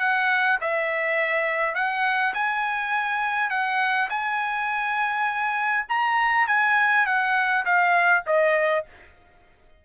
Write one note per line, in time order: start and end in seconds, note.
0.00 0.59 F#5
0.61 1.75 E5
1.75 2.34 F#5
2.34 3.50 G#5
3.50 4.09 F#5
4.10 5.86 G#5
5.89 6.48 A#5
6.48 7.06 G#5
7.06 7.65 F#5
7.66 8.24 F5
8.27 8.86 D#5